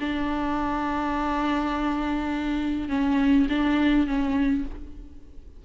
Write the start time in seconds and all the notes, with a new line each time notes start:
0.00 D4
2.89 C#4
3.49 D4
4.07 C#4